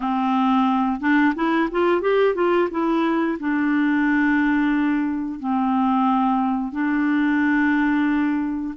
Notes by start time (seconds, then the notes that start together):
0.00 C4
1.00 D4
1.35 E4
1.71 F4
2.01 G4
2.34 F4
2.70 E4
3.39 D4
5.39 C4
6.72 D4